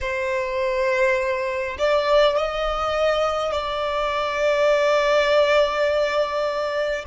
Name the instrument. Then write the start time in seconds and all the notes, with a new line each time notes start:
violin
0.00 C5
1.78 D5
2.36 D#5
3.51 D5